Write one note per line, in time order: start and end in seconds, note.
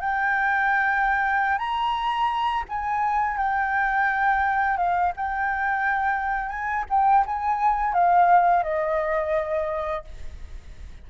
0.00 1.58 G5
1.58 2.64 A#5
2.69 3.37 G#5
3.37 4.77 G5
4.77 5.12 F5
5.16 6.49 G5
6.49 6.84 G#5
6.89 7.24 G5
7.26 7.93 G#5
7.93 8.63 F5
8.63 10.04 D#5